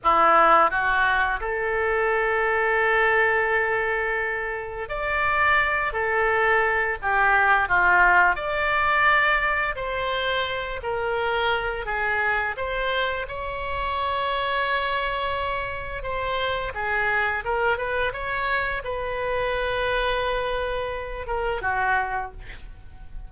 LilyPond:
\new Staff \with { instrumentName = "oboe" } { \time 4/4 \tempo 4 = 86 e'4 fis'4 a'2~ | a'2. d''4~ | d''8 a'4. g'4 f'4 | d''2 c''4. ais'8~ |
ais'4 gis'4 c''4 cis''4~ | cis''2. c''4 | gis'4 ais'8 b'8 cis''4 b'4~ | b'2~ b'8 ais'8 fis'4 | }